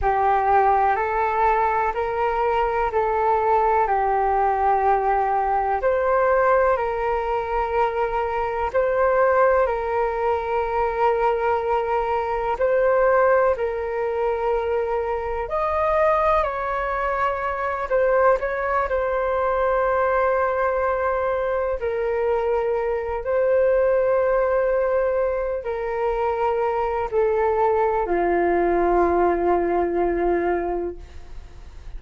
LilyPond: \new Staff \with { instrumentName = "flute" } { \time 4/4 \tempo 4 = 62 g'4 a'4 ais'4 a'4 | g'2 c''4 ais'4~ | ais'4 c''4 ais'2~ | ais'4 c''4 ais'2 |
dis''4 cis''4. c''8 cis''8 c''8~ | c''2~ c''8 ais'4. | c''2~ c''8 ais'4. | a'4 f'2. | }